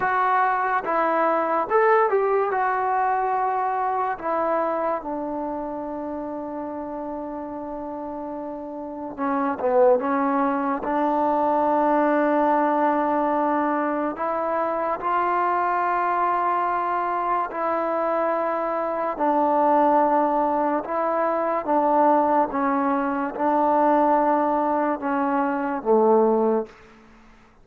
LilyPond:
\new Staff \with { instrumentName = "trombone" } { \time 4/4 \tempo 4 = 72 fis'4 e'4 a'8 g'8 fis'4~ | fis'4 e'4 d'2~ | d'2. cis'8 b8 | cis'4 d'2.~ |
d'4 e'4 f'2~ | f'4 e'2 d'4~ | d'4 e'4 d'4 cis'4 | d'2 cis'4 a4 | }